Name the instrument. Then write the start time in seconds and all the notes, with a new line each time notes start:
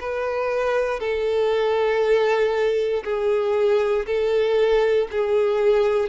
violin
0.00 B4
1.00 A4
3.04 G#4
4.06 A4
5.11 G#4